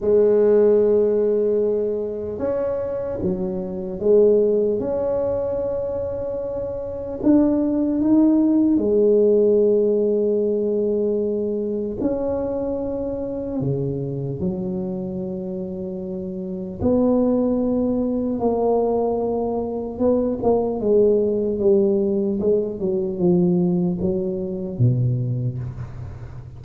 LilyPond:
\new Staff \with { instrumentName = "tuba" } { \time 4/4 \tempo 4 = 75 gis2. cis'4 | fis4 gis4 cis'2~ | cis'4 d'4 dis'4 gis4~ | gis2. cis'4~ |
cis'4 cis4 fis2~ | fis4 b2 ais4~ | ais4 b8 ais8 gis4 g4 | gis8 fis8 f4 fis4 b,4 | }